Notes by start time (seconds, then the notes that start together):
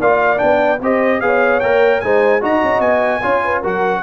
0.00 A#3 F4 D5 F5
0.37 B3 D4 G5
0.81 C4 G4 C5 D#5
1.21 B3 G#4 C#5 F5
1.60 A#3 A#4 G5
2.01 G#3 D#4 C5 G#5
2.41 D#4 F#4 D#5 A#5
2.63 C#4
2.80 B3 G#5
3.22 C#4 F4 C#5
3.45 B4
3.62 F#3 F#4 A#4 F#5